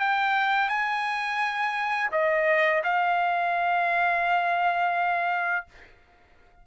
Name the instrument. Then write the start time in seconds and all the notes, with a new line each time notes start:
trumpet
0.00 G5
0.69 G#5
2.12 D#5
2.84 F5